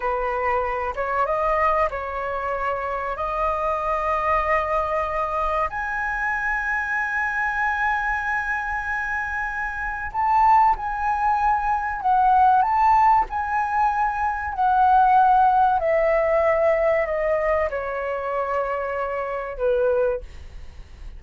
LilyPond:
\new Staff \with { instrumentName = "flute" } { \time 4/4 \tempo 4 = 95 b'4. cis''8 dis''4 cis''4~ | cis''4 dis''2.~ | dis''4 gis''2.~ | gis''1 |
a''4 gis''2 fis''4 | a''4 gis''2 fis''4~ | fis''4 e''2 dis''4 | cis''2. b'4 | }